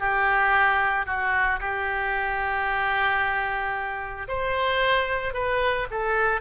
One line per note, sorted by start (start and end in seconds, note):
0.00 1.07 G4
1.07 1.60 F#4
1.60 4.28 G4
4.28 5.34 C5
5.34 5.88 B4
5.91 6.41 A4